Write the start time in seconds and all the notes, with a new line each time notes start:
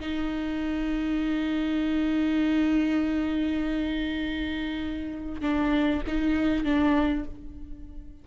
0.00 D#4
5.41 D4
6.07 D#4
6.64 D4